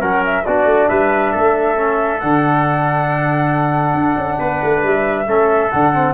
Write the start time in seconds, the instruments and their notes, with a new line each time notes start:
0.00 tuba F#3, trombone C#4, trumpet A#4, flute F#5
0.25 flute E5
0.45 tuba B3, trombone D4, trumpet F#4, flute D5
0.65 tuba A3
0.88 tuba G3, trumpet B4, flute E5
1.32 tuba A3, trumpet A4
1.76 trombone C#4
2.20 tuba D3, trombone D4, flute F#5
3.94 tuba D4
4.16 tuba C#4
4.38 tuba B3, trumpet B4
4.63 tuba A3
4.83 tuba G3, flute E5
5.27 tuba A3, trombone C#4, trumpet A4
5.70 tuba D3, trombone D4, flute F#5
5.93 trombone C4